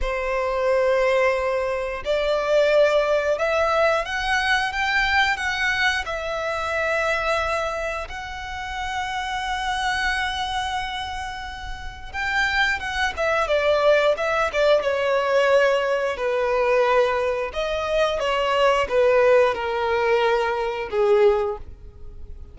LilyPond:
\new Staff \with { instrumentName = "violin" } { \time 4/4 \tempo 4 = 89 c''2. d''4~ | d''4 e''4 fis''4 g''4 | fis''4 e''2. | fis''1~ |
fis''2 g''4 fis''8 e''8 | d''4 e''8 d''8 cis''2 | b'2 dis''4 cis''4 | b'4 ais'2 gis'4 | }